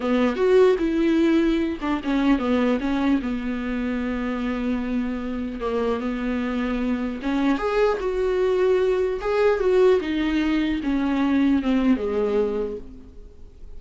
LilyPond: \new Staff \with { instrumentName = "viola" } { \time 4/4 \tempo 4 = 150 b4 fis'4 e'2~ | e'8 d'8 cis'4 b4 cis'4 | b1~ | b2 ais4 b4~ |
b2 cis'4 gis'4 | fis'2. gis'4 | fis'4 dis'2 cis'4~ | cis'4 c'4 gis2 | }